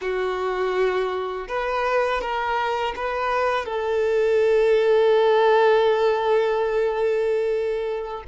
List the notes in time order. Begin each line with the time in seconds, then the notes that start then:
0.01 F#4
1.48 B4
2.21 A#4
2.95 B4
3.66 A4